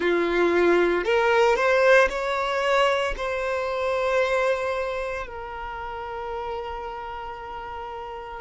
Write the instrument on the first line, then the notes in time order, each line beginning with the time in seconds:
violin
0.00 F4
1.04 A#4
1.56 C5
2.09 C#5
3.16 C5
5.26 A#4